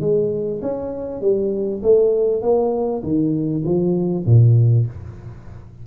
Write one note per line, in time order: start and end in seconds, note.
0.00 0.61 G#3
0.62 1.21 C#4
1.21 1.82 G3
1.83 2.42 A3
2.42 3.03 A#3
3.03 3.64 D#3
3.65 4.25 F3
4.26 4.87 A#2